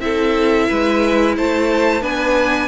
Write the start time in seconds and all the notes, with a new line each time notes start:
0.00 C4 E4 A4 E5
0.68 G#3 B4
1.36 A3 C5 A5
2.02 B3 D4 B4 G#5